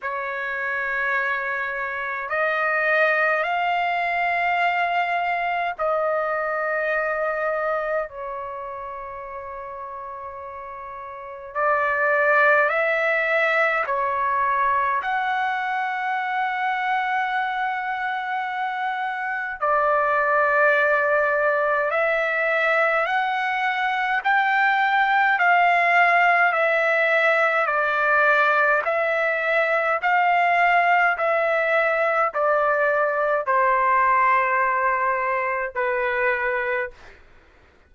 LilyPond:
\new Staff \with { instrumentName = "trumpet" } { \time 4/4 \tempo 4 = 52 cis''2 dis''4 f''4~ | f''4 dis''2 cis''4~ | cis''2 d''4 e''4 | cis''4 fis''2.~ |
fis''4 d''2 e''4 | fis''4 g''4 f''4 e''4 | d''4 e''4 f''4 e''4 | d''4 c''2 b'4 | }